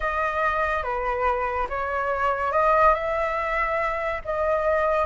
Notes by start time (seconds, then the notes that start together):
0.00 D#5
0.83 B4
1.69 C#5
2.52 D#5
2.94 E5
4.24 D#5